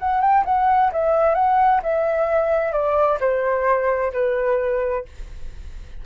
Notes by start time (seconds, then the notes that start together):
0.00 F#5
0.21 G5
0.45 F#5
0.93 E5
1.35 F#5
1.83 E5
2.73 D5
3.21 C5
4.13 B4